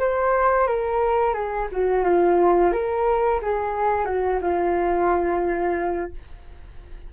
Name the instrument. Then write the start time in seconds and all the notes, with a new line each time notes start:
flute
0.00 C5
0.68 A#4
1.34 G#4
1.72 F#4
2.05 F4
2.73 A#4
3.42 G#4
4.06 F#4
4.42 F4